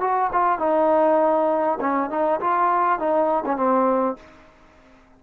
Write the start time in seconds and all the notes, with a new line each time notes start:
0.00 F#4
0.32 F4
0.58 D#4
1.80 C#4
2.10 D#4
2.40 F4
2.99 D#4
3.45 C#4
3.56 C4